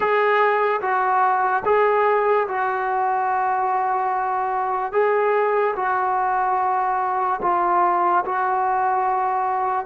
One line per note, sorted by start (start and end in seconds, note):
0.00 0.80 G#4
0.81 1.63 F#4
1.65 2.47 G#4
2.48 4.92 F#4
4.92 5.74 G#4
5.76 7.40 F#4
7.42 8.24 F4
8.25 9.85 F#4